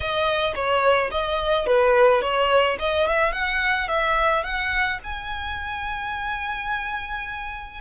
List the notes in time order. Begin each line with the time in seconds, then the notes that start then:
0.00 D#5
0.55 C#5
1.11 D#5
1.66 B4
2.21 C#5
2.79 D#5
3.07 E5
3.32 F#5
3.88 E5
4.43 F#5
5.03 G#5